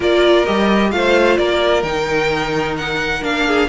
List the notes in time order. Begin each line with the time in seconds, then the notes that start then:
0.00 A#3 F4 A#4 D5
0.45 G3 G4 D#5
0.91 A3 F4 C5 F5
1.37 A#3 A#4 D5
1.82 D#3 D#4 G5
2.77 F#5
3.22 A#3 D4 F5
3.46 G#4